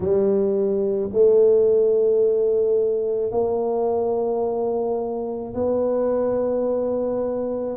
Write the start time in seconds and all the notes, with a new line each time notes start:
0.00 G3
1.12 A3
3.31 A#3
5.54 B3